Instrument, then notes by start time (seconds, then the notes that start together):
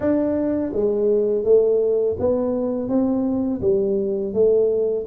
tuba
0.00 D4
0.73 G#3
1.44 A3
2.19 B3
2.88 C4
3.61 G3
4.33 A3